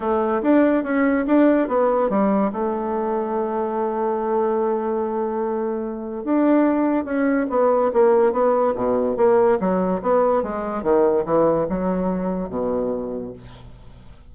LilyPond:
\new Staff \with { instrumentName = "bassoon" } { \time 4/4 \tempo 4 = 144 a4 d'4 cis'4 d'4 | b4 g4 a2~ | a1~ | a2. d'4~ |
d'4 cis'4 b4 ais4 | b4 b,4 ais4 fis4 | b4 gis4 dis4 e4 | fis2 b,2 | }